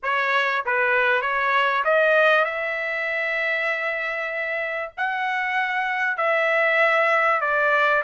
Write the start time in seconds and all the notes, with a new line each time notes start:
0.03 C#5
0.65 B4
1.21 C#5
1.84 D#5
2.44 E5
4.97 F#5
6.17 E5
7.41 D5